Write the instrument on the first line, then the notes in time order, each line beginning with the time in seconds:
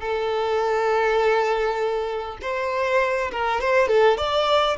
violin
0.00 A4
2.42 C5
3.31 A#4
3.60 C5
3.88 A4
4.17 D5